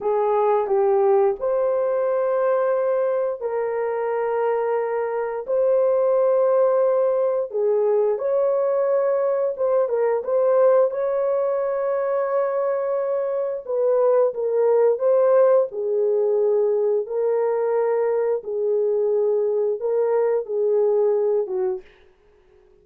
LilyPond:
\new Staff \with { instrumentName = "horn" } { \time 4/4 \tempo 4 = 88 gis'4 g'4 c''2~ | c''4 ais'2. | c''2. gis'4 | cis''2 c''8 ais'8 c''4 |
cis''1 | b'4 ais'4 c''4 gis'4~ | gis'4 ais'2 gis'4~ | gis'4 ais'4 gis'4. fis'8 | }